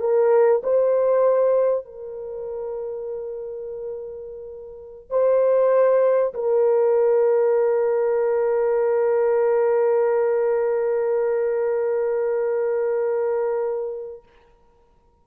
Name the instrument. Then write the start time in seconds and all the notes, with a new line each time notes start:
horn
0.00 A#4
0.63 C5
1.85 A#4
5.10 C5
6.34 A#4